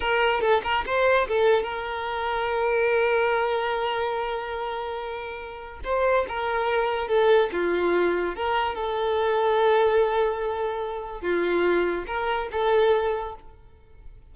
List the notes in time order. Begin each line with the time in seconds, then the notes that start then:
0.00 A#4
0.41 A4
0.63 A#4
0.85 C5
1.28 A4
1.63 A#4
5.83 C5
6.28 A#4
7.08 A4
7.52 F4
8.35 A#4
8.75 A4
11.21 F4
12.06 A#4
12.51 A4